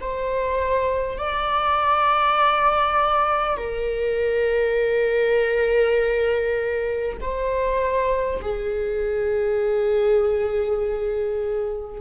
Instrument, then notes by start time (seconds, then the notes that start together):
viola
0.00 C5
1.18 D5
3.57 A#4
7.21 C5
8.41 G#4